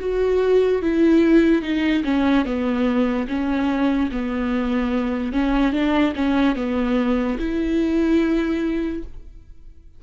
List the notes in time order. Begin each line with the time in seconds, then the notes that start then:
0.00 F#4
0.82 E4
1.63 D#4
2.04 C#4
2.45 B3
3.28 C#4
4.12 B3
5.33 C#4
5.73 D4
6.16 C#4
6.56 B3
7.39 E4